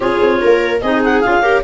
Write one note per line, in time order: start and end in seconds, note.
0.00 0.19 C#4
0.00 0.79 F4
0.00 0.40 G#4
0.00 0.81 C#5
0.21 0.41 C4
0.41 0.81 A#3
0.41 0.81 A#4
0.81 1.22 C4
0.81 1.24 D#4
0.81 1.42 G#4
0.81 1.01 D#5
1.04 1.20 F#5
1.20 1.63 C#4
1.20 1.41 F4
1.20 1.61 F5
1.41 1.62 G4
1.41 1.63 A#4